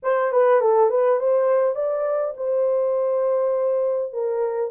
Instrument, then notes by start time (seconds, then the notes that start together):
horn
0.03 C5
0.32 B4
0.60 A4
0.90 B4
1.19 C5
1.75 D5
2.36 C5
4.12 A#4